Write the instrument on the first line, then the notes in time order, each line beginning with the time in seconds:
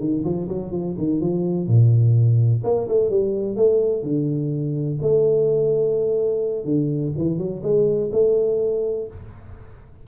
tuba
0.00 D#3
0.24 F3
0.48 F#3
0.72 F3
0.98 D#3
1.21 F3
1.68 A#2
2.64 A#3
2.88 A3
3.10 G3
3.56 A3
4.03 D3
5.02 A3
6.65 D3
7.17 E3
7.38 F#3
7.63 G#3
8.12 A3